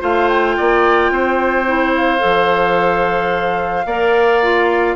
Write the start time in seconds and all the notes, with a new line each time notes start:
0.00 A3 F4 C5 F5
0.28 G5
0.57 A#3 D5
1.10 C4 C5
1.67 E4
1.95 F5
2.19 F3 A4
3.85 A#3 A#4 D5
4.43 F4